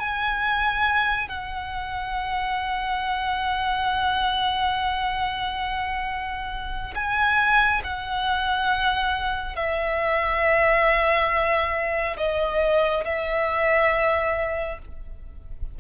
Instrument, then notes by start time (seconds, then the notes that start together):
violin
0.00 G#5
1.29 F#5
6.95 G#5
7.84 F#5
9.56 E5
12.17 D#5
13.05 E5